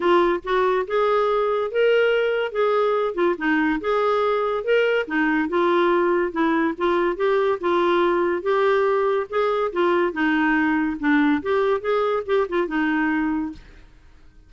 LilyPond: \new Staff \with { instrumentName = "clarinet" } { \time 4/4 \tempo 4 = 142 f'4 fis'4 gis'2 | ais'2 gis'4. f'8 | dis'4 gis'2 ais'4 | dis'4 f'2 e'4 |
f'4 g'4 f'2 | g'2 gis'4 f'4 | dis'2 d'4 g'4 | gis'4 g'8 f'8 dis'2 | }